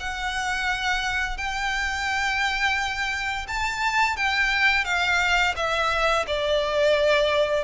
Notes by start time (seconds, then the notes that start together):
0.00 F#5
1.38 G5
3.48 A5
4.17 G5
4.85 F5
5.56 E5
6.27 D5